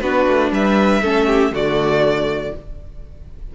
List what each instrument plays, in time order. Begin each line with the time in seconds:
0.00 cello B3, viola D4, violin F#4 B4
0.28 cello A3
0.51 cello G3, violin B4 E5
1.02 cello A3, viola C#4, violin A4
1.27 violin G4
1.51 cello D3, viola A3, violin F#4 D5